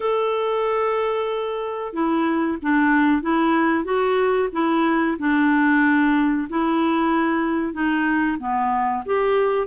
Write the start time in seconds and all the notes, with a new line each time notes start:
0.00 A4
1.93 E4
2.61 D4
3.21 E4
3.84 F#4
4.52 E4
5.18 D4
6.49 E4
7.73 D#4
8.39 B3
9.05 G4